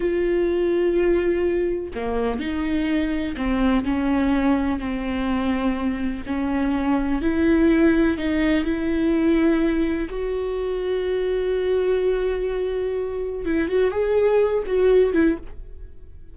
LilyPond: \new Staff \with { instrumentName = "viola" } { \time 4/4 \tempo 4 = 125 f'1 | ais4 dis'2 c'4 | cis'2 c'2~ | c'4 cis'2 e'4~ |
e'4 dis'4 e'2~ | e'4 fis'2.~ | fis'1 | e'8 fis'8 gis'4. fis'4 e'8 | }